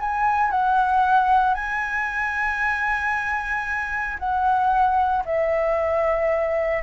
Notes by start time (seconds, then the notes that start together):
0.00 G#5
0.51 F#5
1.55 G#5
4.19 F#5
5.25 E5